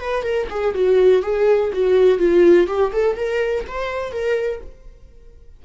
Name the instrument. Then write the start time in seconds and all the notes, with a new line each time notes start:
viola
0.00 B4
0.23 A#4
0.50 G#4
0.75 F#4
1.22 G#4
1.73 F#4
2.19 F4
2.67 G4
2.92 A4
3.16 A#4
3.67 C5
4.12 A#4